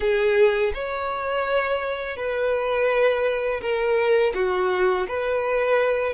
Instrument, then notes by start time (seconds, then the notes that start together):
violin
0.00 G#4
0.74 C#5
2.16 B4
3.61 A#4
4.34 F#4
5.08 B4